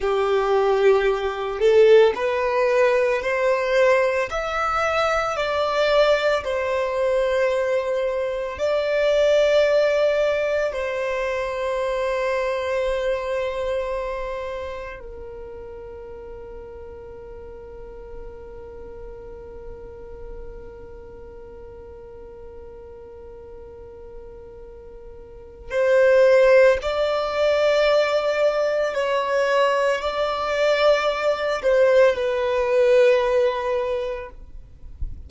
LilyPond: \new Staff \with { instrumentName = "violin" } { \time 4/4 \tempo 4 = 56 g'4. a'8 b'4 c''4 | e''4 d''4 c''2 | d''2 c''2~ | c''2 ais'2~ |
ais'1~ | ais'1 | c''4 d''2 cis''4 | d''4. c''8 b'2 | }